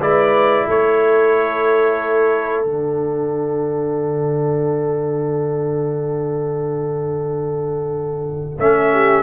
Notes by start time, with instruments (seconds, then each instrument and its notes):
0.00 tuba G#3, trombone E4, horn B4, trumpet D5
0.67 tuba A3, horn A4, trumpet C#5
2.64 tuba D3, trombone D4, trumpet F#5
8.58 tuba A3, trombone C#4, trumpet E5
8.92 horn G4